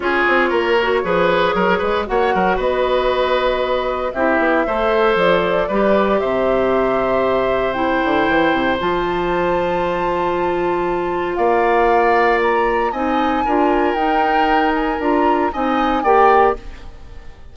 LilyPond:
<<
  \new Staff \with { instrumentName = "flute" } { \time 4/4 \tempo 4 = 116 cis''1 | fis''4 dis''2. | e''2 d''2 | e''2. g''4~ |
g''4 a''2.~ | a''2 f''2 | ais''4 gis''2 g''4~ | g''8 gis''8 ais''4 gis''4 g''4 | }
  \new Staff \with { instrumentName = "oboe" } { \time 4/4 gis'4 ais'4 b'4 ais'8 b'8 | cis''8 ais'8 b'2. | g'4 c''2 b'4 | c''1~ |
c''1~ | c''2 d''2~ | d''4 dis''4 ais'2~ | ais'2 dis''4 d''4 | }
  \new Staff \with { instrumentName = "clarinet" } { \time 4/4 f'4. fis'8 gis'2 | fis'1 | e'4 a'2 g'4~ | g'2. e'4~ |
e'4 f'2.~ | f'1~ | f'4 dis'4 f'4 dis'4~ | dis'4 f'4 dis'4 g'4 | }
  \new Staff \with { instrumentName = "bassoon" } { \time 4/4 cis'8 c'8 ais4 f4 fis8 gis8 | ais8 fis8 b2. | c'8 b8 a4 f4 g4 | c2.~ c8 d8 |
e8 c8 f2.~ | f2 ais2~ | ais4 c'4 d'4 dis'4~ | dis'4 d'4 c'4 ais4 | }
>>